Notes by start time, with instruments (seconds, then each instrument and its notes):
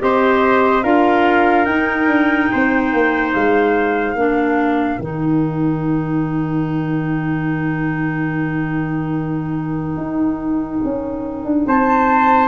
0.00 tuba C4, clarinet G4, trumpet C5, flute D#5
0.84 tuba D4, clarinet F4, trumpet A#4, flute F5
1.66 tuba D#4, clarinet D#4, flute G5
2.07 tuba D4
2.52 tuba C4, trumpet C5
2.93 tuba A#3
3.34 tuba G#3, flute F5
4.15 tuba A#3, clarinet D4, trumpet A#4
4.99 tuba D#3, clarinet D#4, flute G5
9.97 tuba D#4
10.84 tuba C#4
11.45 tuba D4
11.66 tuba C4, trumpet C5, flute A5